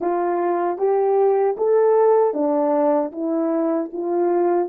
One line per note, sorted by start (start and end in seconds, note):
0.00 0.78 F4
0.78 1.56 G4
1.57 2.33 A4
2.33 3.11 D4
3.12 3.90 E4
3.92 4.69 F4